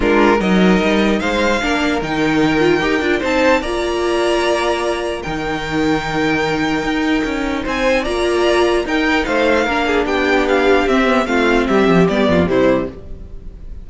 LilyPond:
<<
  \new Staff \with { instrumentName = "violin" } { \time 4/4 \tempo 4 = 149 ais'4 dis''2 f''4~ | f''4 g''2. | a''4 ais''2.~ | ais''4 g''2.~ |
g''2. gis''4 | ais''2 g''4 f''4~ | f''4 g''4 f''4 e''4 | f''4 e''4 d''4 c''4 | }
  \new Staff \with { instrumentName = "violin" } { \time 4/4 f'4 ais'2 c''4 | ais'1 | c''4 d''2.~ | d''4 ais'2.~ |
ais'2. c''4 | d''2 ais'4 c''4 | ais'8 gis'8 g'2. | f'4 g'4. f'8 e'4 | }
  \new Staff \with { instrumentName = "viola" } { \time 4/4 d'4 dis'2. | d'4 dis'4. f'8 g'8 f'8 | dis'4 f'2.~ | f'4 dis'2.~ |
dis'1 | f'2 dis'2 | d'2. c'8 b8 | c'2 b4 g4 | }
  \new Staff \with { instrumentName = "cello" } { \time 4/4 gis4 fis4 g4 gis4 | ais4 dis2 dis'8 d'8 | c'4 ais2.~ | ais4 dis2.~ |
dis4 dis'4 cis'4 c'4 | ais2 dis'4 a4 | ais4 b2 c'4 | a4 g8 f8 g8 f,8 c4 | }
>>